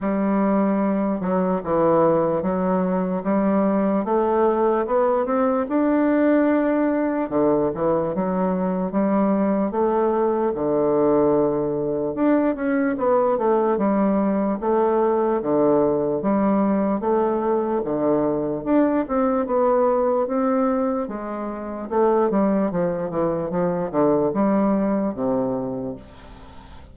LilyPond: \new Staff \with { instrumentName = "bassoon" } { \time 4/4 \tempo 4 = 74 g4. fis8 e4 fis4 | g4 a4 b8 c'8 d'4~ | d'4 d8 e8 fis4 g4 | a4 d2 d'8 cis'8 |
b8 a8 g4 a4 d4 | g4 a4 d4 d'8 c'8 | b4 c'4 gis4 a8 g8 | f8 e8 f8 d8 g4 c4 | }